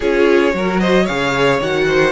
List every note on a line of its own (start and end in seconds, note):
0.00 0.54 C#4
0.00 0.52 F4
0.00 0.52 G#4
0.00 0.80 C#5
0.52 1.07 F#3
0.52 1.05 F#4
0.52 0.80 A#4
0.80 1.03 C5
0.80 1.05 D#5
1.03 1.61 G#4
1.03 1.84 C#5
1.03 1.59 F5
1.09 1.60 C#3
1.60 2.12 D#3
1.60 2.12 F#4
1.60 2.12 F#5
1.86 2.12 C5